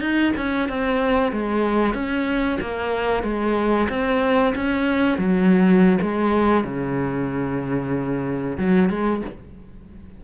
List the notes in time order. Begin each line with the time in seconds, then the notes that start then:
0.00 D#4
0.36 C#4
0.69 C4
1.32 G#3
1.94 C#4
2.60 A#3
3.23 G#3
3.89 C4
4.55 C#4
5.18 F#3
6.01 G#3
6.64 C#3
8.58 F#3
8.89 G#3